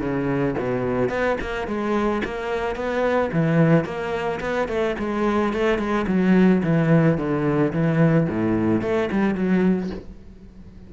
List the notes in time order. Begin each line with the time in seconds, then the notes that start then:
0.00 C#3
0.59 B2
1.09 B3
1.41 A#3
1.67 G#3
2.24 A#3
2.76 B3
3.33 E3
3.85 A#3
4.41 B3
4.68 A3
4.99 G#3
5.53 A3
5.78 G#3
6.08 F#3
6.63 E3
7.18 D3
7.73 E3
8.29 A2
8.82 A3
9.12 G3
9.35 F#3